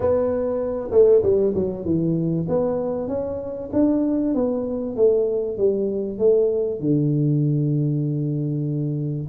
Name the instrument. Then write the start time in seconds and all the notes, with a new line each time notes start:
tuba
0.00 B3
0.91 A3
1.22 G3
1.54 F#3
1.84 E3
2.48 B3
3.08 C#4
3.73 D4
4.34 B3
4.96 A3
5.57 G3
6.18 A3
6.80 D3